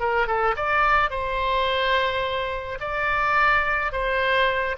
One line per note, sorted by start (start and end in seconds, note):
0.00 0.27 A#4
0.27 0.55 A4
0.56 1.10 D5
1.10 2.79 C5
2.81 3.92 D5
3.92 4.76 C5